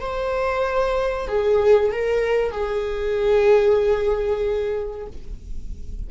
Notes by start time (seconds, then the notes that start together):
0.00 C5
1.28 G#4
1.92 A#4
2.51 G#4